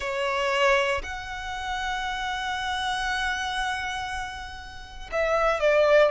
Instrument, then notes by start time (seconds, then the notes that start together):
violin
0.00 C#5
1.03 F#5
5.12 E5
5.60 D5